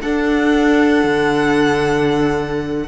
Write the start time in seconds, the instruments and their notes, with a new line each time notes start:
0.00 clarinet D4, cello D4, viola A4, violin F#5
1.04 cello D3